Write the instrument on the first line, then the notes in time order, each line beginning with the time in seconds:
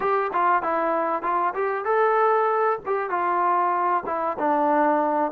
trombone
0.00 G4
0.32 F4
0.62 E4
1.22 F4
1.54 G4
1.84 A4
2.86 G4
3.10 F4
4.05 E4
4.38 D4